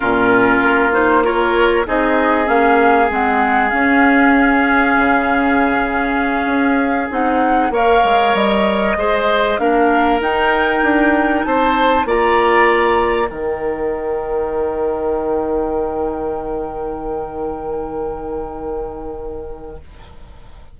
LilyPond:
<<
  \new Staff \with { instrumentName = "flute" } { \time 4/4 \tempo 4 = 97 ais'4. c''8 cis''4 dis''4 | f''4 fis''4 f''2~ | f''2.~ f''8 fis''8~ | fis''8 f''4 dis''2 f''8~ |
f''8 g''2 a''4 ais''8~ | ais''4. g''2~ g''8~ | g''1~ | g''1 | }
  \new Staff \with { instrumentName = "oboe" } { \time 4/4 f'2 ais'4 gis'4~ | gis'1~ | gis'1~ | gis'8 cis''2 c''4 ais'8~ |
ais'2~ ais'8 c''4 d''8~ | d''4. ais'2~ ais'8~ | ais'1~ | ais'1 | }
  \new Staff \with { instrumentName = "clarinet" } { \time 4/4 cis'4. dis'8 f'4 dis'4 | cis'4 c'4 cis'2~ | cis'2.~ cis'8 dis'8~ | dis'8 ais'2 gis'4 d'8~ |
d'8 dis'2. f'8~ | f'4. dis'2~ dis'8~ | dis'1~ | dis'1 | }
  \new Staff \with { instrumentName = "bassoon" } { \time 4/4 ais,4 ais2 c'4 | ais4 gis4 cis'2 | cis2~ cis8 cis'4 c'8~ | c'8 ais8 gis8 g4 gis4 ais8~ |
ais8 dis'4 d'4 c'4 ais8~ | ais4. dis2~ dis8~ | dis1~ | dis1 | }
>>